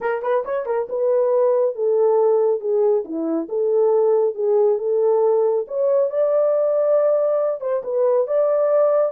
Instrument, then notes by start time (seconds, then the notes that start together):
horn
0.00 A#4
0.22 B4
0.44 C#5
0.66 A#4
0.89 B4
1.75 A4
2.60 G#4
3.04 E4
3.49 A4
4.34 G#4
4.78 A4
5.67 C#5
6.10 D5
7.60 C5
7.83 B4
8.27 D5